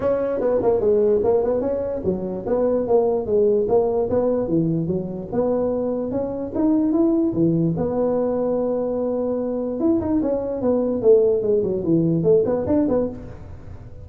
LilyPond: \new Staff \with { instrumentName = "tuba" } { \time 4/4 \tempo 4 = 147 cis'4 b8 ais8 gis4 ais8 b8 | cis'4 fis4 b4 ais4 | gis4 ais4 b4 e4 | fis4 b2 cis'4 |
dis'4 e'4 e4 b4~ | b1 | e'8 dis'8 cis'4 b4 a4 | gis8 fis8 e4 a8 b8 d'8 b8 | }